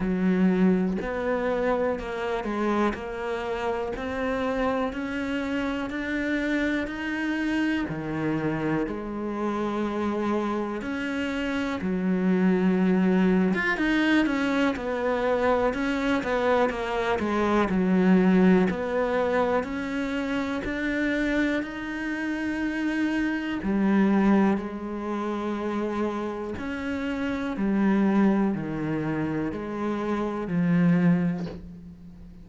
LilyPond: \new Staff \with { instrumentName = "cello" } { \time 4/4 \tempo 4 = 61 fis4 b4 ais8 gis8 ais4 | c'4 cis'4 d'4 dis'4 | dis4 gis2 cis'4 | fis4.~ fis16 f'16 dis'8 cis'8 b4 |
cis'8 b8 ais8 gis8 fis4 b4 | cis'4 d'4 dis'2 | g4 gis2 cis'4 | g4 dis4 gis4 f4 | }